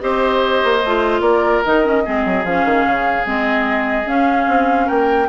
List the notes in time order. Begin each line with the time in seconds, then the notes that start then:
0.00 C4 G4 C5 D#5
0.64 A#3
0.84 A3 F4
1.20 A#3 A#4 D5
1.64 D#3 D#4 D#5
1.84 C#4
2.05 G#3 C4 G#4
2.25 F#3
2.45 F3 C#4 F5
2.65 D#3
2.87 C#3
3.25 G#3 C4 D#5
4.06 C#4 F5
4.48 C4
4.86 A#3 A#4 G5